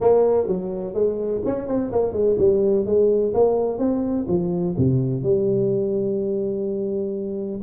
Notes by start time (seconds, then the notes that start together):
0.00 A#3
0.47 F#3
0.94 G#3
1.45 C#4
1.67 C4
1.92 A#3
2.12 G#3
2.38 G3
2.85 G#3
3.34 A#3
3.78 C4
4.27 F3
4.77 C3
5.22 G3